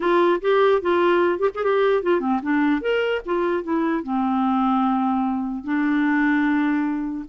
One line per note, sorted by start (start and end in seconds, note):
0.00 0.40 F4
0.41 0.81 G4
0.81 1.39 F4
1.39 1.49 G4
1.54 1.63 G#4
1.63 2.02 G4
2.02 2.20 F4
2.20 2.40 C4
2.42 2.81 D4
2.81 3.21 A#4
3.25 3.63 F4
3.63 4.03 E4
4.03 5.64 C4
5.64 7.25 D4